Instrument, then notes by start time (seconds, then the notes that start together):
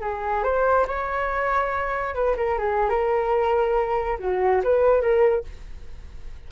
flute
0.00 G#4
0.43 C5
0.87 C#5
2.14 B4
2.36 A#4
2.58 G#4
2.89 A#4
4.18 F#4
4.63 B4
5.01 A#4